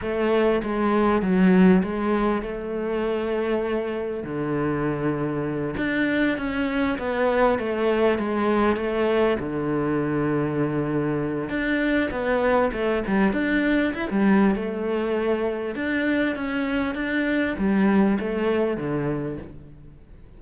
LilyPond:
\new Staff \with { instrumentName = "cello" } { \time 4/4 \tempo 4 = 99 a4 gis4 fis4 gis4 | a2. d4~ | d4. d'4 cis'4 b8~ | b8 a4 gis4 a4 d8~ |
d2. d'4 | b4 a8 g8 d'4 e'16 g8. | a2 d'4 cis'4 | d'4 g4 a4 d4 | }